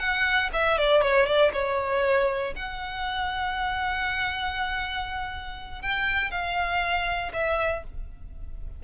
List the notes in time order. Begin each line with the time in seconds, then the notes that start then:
0.00 F#5
0.53 E5
0.78 D5
1.02 C#5
1.27 D5
1.53 C#5
2.56 F#5
5.82 G5
6.31 F5
7.33 E5